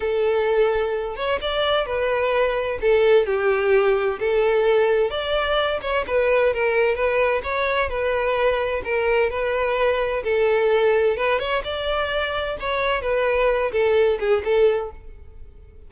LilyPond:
\new Staff \with { instrumentName = "violin" } { \time 4/4 \tempo 4 = 129 a'2~ a'8 cis''8 d''4 | b'2 a'4 g'4~ | g'4 a'2 d''4~ | d''8 cis''8 b'4 ais'4 b'4 |
cis''4 b'2 ais'4 | b'2 a'2 | b'8 cis''8 d''2 cis''4 | b'4. a'4 gis'8 a'4 | }